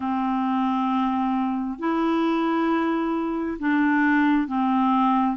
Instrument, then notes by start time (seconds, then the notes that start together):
clarinet
0.00 C4
1.78 E4
3.59 D4
4.47 C4